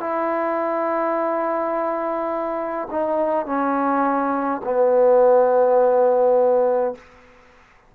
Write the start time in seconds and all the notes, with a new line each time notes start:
0.00 E4
2.91 D#4
3.46 C#4
4.64 B3